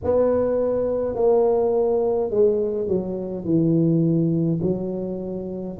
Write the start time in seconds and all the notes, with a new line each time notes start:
0.04 B3
1.15 A#3
2.30 G#3
2.87 F#3
3.44 E3
4.62 F#3